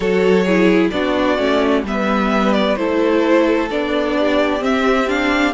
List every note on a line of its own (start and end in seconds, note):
0.00 0.90 F#3
0.00 0.47 F#4
0.00 0.44 A4
0.00 0.88 C#5
0.44 0.92 E4
0.44 0.90 G#4
0.90 1.38 B3
0.90 1.37 D4
0.90 1.85 F#4
0.90 1.82 D5
1.37 1.83 A3
1.37 1.83 C#4
1.83 2.75 G3
1.83 2.77 B3
1.83 2.79 B4
1.83 2.52 E5
2.52 2.76 D5
2.76 3.70 A3
2.76 3.69 E4
2.76 4.17 A4
2.76 3.68 C5
3.69 4.61 B3
3.69 4.60 D4
3.69 4.63 D5
4.17 5.53 G4
4.60 5.06 C4
4.60 5.53 C4
4.60 5.08 E5
5.08 5.53 D4
5.08 5.53 F5